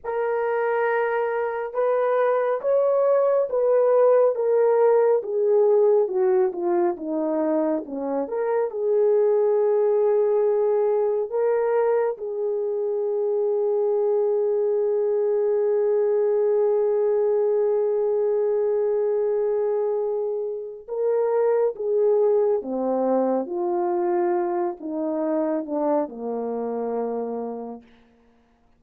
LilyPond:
\new Staff \with { instrumentName = "horn" } { \time 4/4 \tempo 4 = 69 ais'2 b'4 cis''4 | b'4 ais'4 gis'4 fis'8 f'8 | dis'4 cis'8 ais'8 gis'2~ | gis'4 ais'4 gis'2~ |
gis'1~ | gis'1 | ais'4 gis'4 c'4 f'4~ | f'8 dis'4 d'8 ais2 | }